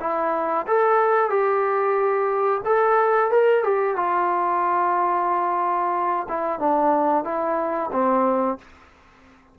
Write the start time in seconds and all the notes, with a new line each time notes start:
0.00 E4
0.67 A4
1.29 G4
2.65 A4
3.31 A#4
3.64 G4
3.96 F4
6.28 E4
6.59 D4
7.24 E4
7.92 C4